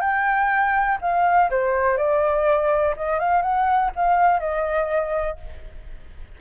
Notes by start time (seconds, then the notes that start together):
0.00 G5
1.01 F5
1.50 C5
1.97 D5
2.96 D#5
3.19 F5
3.42 F#5
3.95 F5
4.39 D#5